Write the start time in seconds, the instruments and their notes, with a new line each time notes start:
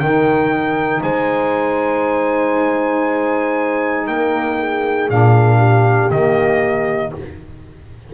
0.00 double bass D#3, saxophone D#4, horn A#4, trumpet G5
1.03 double bass G#3, horn C5, trumpet G#5
4.08 double bass A#3, horn A#4, trumpet G5
4.60 horn G#4
5.10 double bass A#2, saxophone D4, trumpet F5
5.58 horn G4
6.11 double bass D#3, saxophone A#3, trumpet D#5